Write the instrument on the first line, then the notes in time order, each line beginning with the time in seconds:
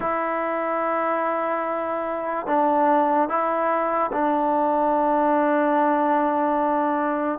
trombone
0.00 E4
2.47 D4
3.28 E4
4.12 D4